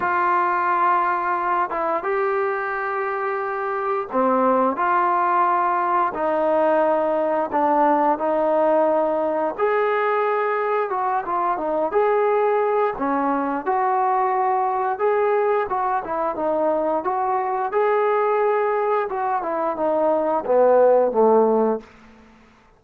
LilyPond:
\new Staff \with { instrumentName = "trombone" } { \time 4/4 \tempo 4 = 88 f'2~ f'8 e'8 g'4~ | g'2 c'4 f'4~ | f'4 dis'2 d'4 | dis'2 gis'2 |
fis'8 f'8 dis'8 gis'4. cis'4 | fis'2 gis'4 fis'8 e'8 | dis'4 fis'4 gis'2 | fis'8 e'8 dis'4 b4 a4 | }